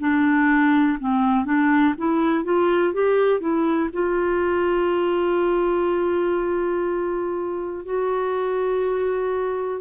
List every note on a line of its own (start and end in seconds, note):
0.00 0.98 D4
1.00 1.45 C4
1.45 1.94 D4
1.98 2.44 E4
2.44 2.93 F4
2.93 3.40 G4
3.40 3.89 E4
3.93 7.85 F4
7.85 9.81 F#4